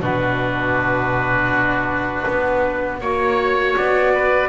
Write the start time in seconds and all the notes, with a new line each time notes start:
0.00 B2 D4 F#4 B4
2.28 B3
3.00 A#3 F#4 C#5
3.77 B3 D5
4.14 B4